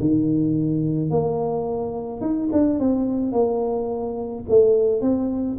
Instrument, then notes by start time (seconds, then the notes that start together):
tuba
0.00 D#3
1.11 A#3
2.21 D#4
2.53 D4
2.80 C4
3.33 A#3
4.50 A3
5.02 C4